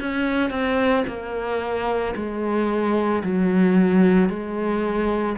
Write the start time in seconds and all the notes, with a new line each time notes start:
0.00 C#4
0.50 C4
1.07 A#3
2.16 G#3
3.24 F#3
4.29 G#3